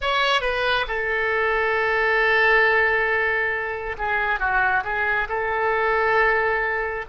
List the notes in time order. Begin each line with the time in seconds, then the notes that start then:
0.01 C#5
0.41 B4
0.87 A4
3.97 G#4
4.39 F#4
4.84 G#4
5.29 A4